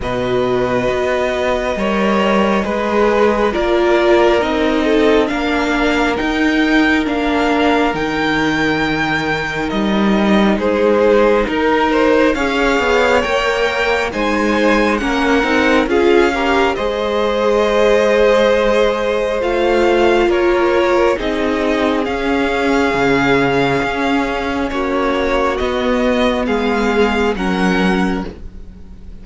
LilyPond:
<<
  \new Staff \with { instrumentName = "violin" } { \time 4/4 \tempo 4 = 68 dis''1 | d''4 dis''4 f''4 g''4 | f''4 g''2 dis''4 | c''4 ais'4 f''4 g''4 |
gis''4 fis''4 f''4 dis''4~ | dis''2 f''4 cis''4 | dis''4 f''2. | cis''4 dis''4 f''4 fis''4 | }
  \new Staff \with { instrumentName = "violin" } { \time 4/4 b'2 cis''4 b'4 | ais'4. a'8 ais'2~ | ais'1 | gis'4 ais'8 c''8 cis''2 |
c''4 ais'4 gis'8 ais'8 c''4~ | c''2. ais'4 | gis'1 | fis'2 gis'4 ais'4 | }
  \new Staff \with { instrumentName = "viola" } { \time 4/4 fis'2 ais'4 gis'4 | f'4 dis'4 d'4 dis'4 | d'4 dis'2.~ | dis'2 gis'4 ais'4 |
dis'4 cis'8 dis'8 f'8 g'8 gis'4~ | gis'2 f'2 | dis'4 cis'2.~ | cis'4 b2 cis'4 | }
  \new Staff \with { instrumentName = "cello" } { \time 4/4 b,4 b4 g4 gis4 | ais4 c'4 ais4 dis'4 | ais4 dis2 g4 | gis4 dis'4 cis'8 b8 ais4 |
gis4 ais8 c'8 cis'4 gis4~ | gis2 a4 ais4 | c'4 cis'4 cis4 cis'4 | ais4 b4 gis4 fis4 | }
>>